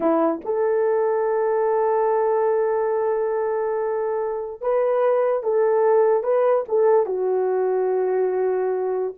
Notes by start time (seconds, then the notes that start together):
0.00 E4
0.45 A4
4.61 B4
5.43 A4
6.23 B4
6.68 A4
7.06 F#4